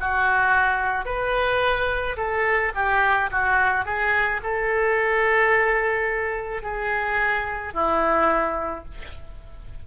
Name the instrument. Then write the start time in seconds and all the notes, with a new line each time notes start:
oboe
0.00 F#4
1.06 B4
2.17 A4
2.75 G4
3.31 F#4
3.86 G#4
4.43 A4
6.63 G#4
7.74 E4